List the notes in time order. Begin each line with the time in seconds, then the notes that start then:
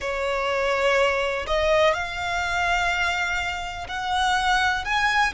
0.00 C#5
1.46 D#5
1.94 F5
3.88 F#5
4.84 G#5